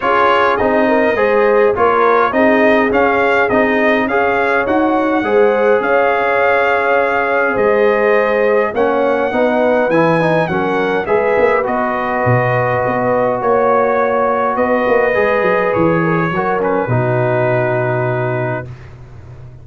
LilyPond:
<<
  \new Staff \with { instrumentName = "trumpet" } { \time 4/4 \tempo 4 = 103 cis''4 dis''2 cis''4 | dis''4 f''4 dis''4 f''4 | fis''2 f''2~ | f''4 dis''2 fis''4~ |
fis''4 gis''4 fis''4 e''4 | dis''2. cis''4~ | cis''4 dis''2 cis''4~ | cis''8 b'2.~ b'8 | }
  \new Staff \with { instrumentName = "horn" } { \time 4/4 gis'4. ais'8 c''4 ais'4 | gis'2. cis''4~ | cis''4 c''4 cis''2~ | cis''4 c''2 cis''4 |
b'2 ais'4 b'4~ | b'2. cis''4~ | cis''4 b'2~ b'8 ais'16 gis'16 | ais'4 fis'2. | }
  \new Staff \with { instrumentName = "trombone" } { \time 4/4 f'4 dis'4 gis'4 f'4 | dis'4 cis'4 dis'4 gis'4 | fis'4 gis'2.~ | gis'2. cis'4 |
dis'4 e'8 dis'8 cis'4 gis'4 | fis'1~ | fis'2 gis'2 | fis'8 cis'8 dis'2. | }
  \new Staff \with { instrumentName = "tuba" } { \time 4/4 cis'4 c'4 gis4 ais4 | c'4 cis'4 c'4 cis'4 | dis'4 gis4 cis'2~ | cis'4 gis2 ais4 |
b4 e4 fis4 gis8 ais8 | b4 b,4 b4 ais4~ | ais4 b8 ais8 gis8 fis8 e4 | fis4 b,2. | }
>>